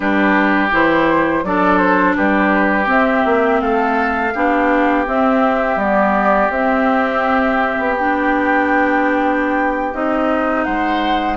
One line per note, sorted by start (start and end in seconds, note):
0.00 0.70 G3
0.00 0.69 D4
0.00 1.44 G4
0.00 0.69 B4
0.71 1.43 E3
0.71 1.43 E4
0.71 1.44 C5
1.43 2.15 F#3
1.43 2.85 D4
1.43 2.16 A4
1.43 1.78 D5
1.78 2.14 C5
2.15 2.87 G3
2.15 3.61 G4
2.15 2.88 B4
2.85 4.30 C4
2.85 3.23 C4
2.85 3.61 E5
3.25 3.61 A#3
3.61 4.33 A3
3.61 4.33 A4
3.61 5.05 F5
4.33 5.07 B3
4.33 5.06 D4
4.33 10.65 G4
5.06 5.78 C4
5.06 5.76 C4
5.06 5.79 E5
5.76 6.48 G3
5.76 6.52 B3
5.76 6.51 D5
6.49 7.76 C4
6.49 7.97 C4
6.49 7.96 E5
7.78 9.94 B3
7.97 9.93 D4
7.97 9.94 G5
9.93 10.66 C4
9.93 11.37 D#4
9.93 10.64 D#5
10.64 11.37 G#3
10.64 11.37 C5
10.64 11.36 F#5